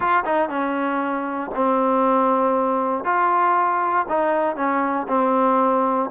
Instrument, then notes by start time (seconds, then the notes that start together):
trombone
0.00 F4
0.25 D#4
0.49 C#4
1.54 C4
3.04 F4
4.08 D#4
4.56 C#4
5.08 C4